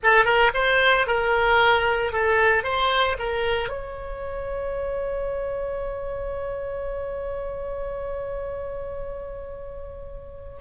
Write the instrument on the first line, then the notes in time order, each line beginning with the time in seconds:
oboe
0.03 A4
0.24 A#4
0.54 C5
1.06 A#4
2.12 A4
2.63 C5
3.19 A#4
3.68 C#5